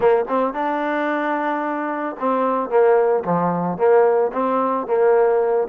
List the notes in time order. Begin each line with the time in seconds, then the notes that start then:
0.00 A#3
0.28 C4
0.53 D4
2.19 C4
2.69 A#3
3.25 F3
3.77 A#3
4.32 C4
4.86 A#3